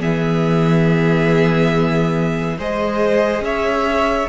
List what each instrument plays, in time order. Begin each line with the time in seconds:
0.00 cello E3, viola B3, violin G#4 E5
2.57 cello G#3, viola G#4, violin C5 D#5
3.41 cello C#4, violin C#5 E5